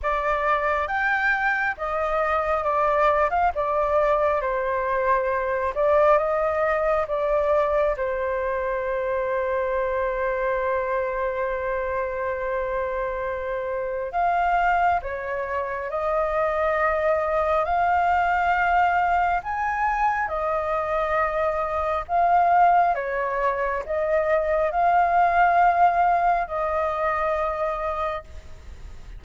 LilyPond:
\new Staff \with { instrumentName = "flute" } { \time 4/4 \tempo 4 = 68 d''4 g''4 dis''4 d''8. f''16 | d''4 c''4. d''8 dis''4 | d''4 c''2.~ | c''1 |
f''4 cis''4 dis''2 | f''2 gis''4 dis''4~ | dis''4 f''4 cis''4 dis''4 | f''2 dis''2 | }